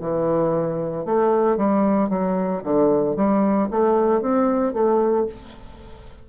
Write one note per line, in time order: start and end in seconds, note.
0.00 1.05 E3
1.05 1.57 A3
1.57 2.09 G3
2.09 2.62 F#3
2.63 3.16 D3
3.16 3.69 G3
3.70 4.22 A3
4.22 4.73 C4
4.73 5.26 A3